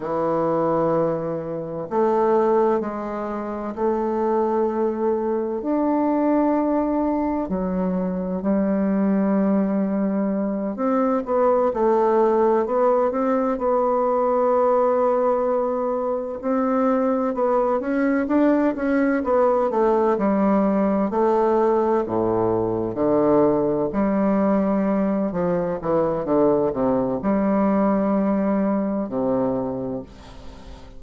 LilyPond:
\new Staff \with { instrumentName = "bassoon" } { \time 4/4 \tempo 4 = 64 e2 a4 gis4 | a2 d'2 | fis4 g2~ g8 c'8 | b8 a4 b8 c'8 b4.~ |
b4. c'4 b8 cis'8 d'8 | cis'8 b8 a8 g4 a4 a,8~ | a,8 d4 g4. f8 e8 | d8 c8 g2 c4 | }